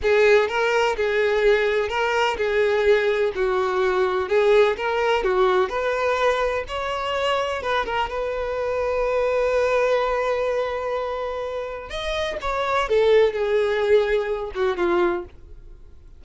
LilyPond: \new Staff \with { instrumentName = "violin" } { \time 4/4 \tempo 4 = 126 gis'4 ais'4 gis'2 | ais'4 gis'2 fis'4~ | fis'4 gis'4 ais'4 fis'4 | b'2 cis''2 |
b'8 ais'8 b'2.~ | b'1~ | b'4 dis''4 cis''4 a'4 | gis'2~ gis'8 fis'8 f'4 | }